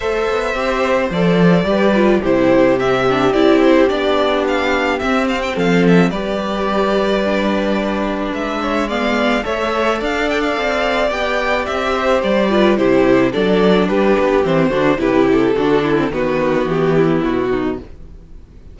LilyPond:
<<
  \new Staff \with { instrumentName = "violin" } { \time 4/4 \tempo 4 = 108 e''2 d''2 | c''4 e''4 d''8 c''8 d''4 | f''4 e''8 f''16 g''16 f''8 e''8 d''4~ | d''2. e''4 |
f''4 e''4 f''8 g''16 f''4~ f''16 | g''4 e''4 d''4 c''4 | d''4 b'4 c''4 b'8 a'8~ | a'4 b'4 g'4 fis'4 | }
  \new Staff \with { instrumentName = "violin" } { \time 4/4 c''2. b'4 | g'1~ | g'2 a'4 b'4~ | b'2.~ b'8 cis''8 |
d''4 cis''4 d''2~ | d''4. c''4 b'8 g'4 | a'4 g'4. fis'8 g'4 | fis'8 e'8 fis'4. e'4 dis'8 | }
  \new Staff \with { instrumentName = "viola" } { \time 4/4 a'4 g'4 a'4 g'8 f'8 | e'4 c'8 d'8 e'4 d'4~ | d'4 c'2 g'4~ | g'4 d'2. |
b4 a'2. | g'2~ g'8 f'8 e'4 | d'2 c'8 d'8 e'4 | d'8. c'16 b2. | }
  \new Staff \with { instrumentName = "cello" } { \time 4/4 a8 b8 c'4 f4 g4 | c2 c'4 b4~ | b4 c'4 f4 g4~ | g2. gis4~ |
gis4 a4 d'4 c'4 | b4 c'4 g4 c4 | fis4 g8 b8 e8 d8 c4 | d4 dis4 e4 b,4 | }
>>